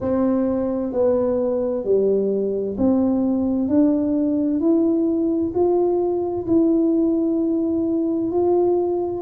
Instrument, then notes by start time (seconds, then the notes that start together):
tuba
0.00 C4
0.92 B3
1.84 G3
2.77 C4
3.68 D4
4.59 E4
5.54 F4
6.46 E4
8.31 F4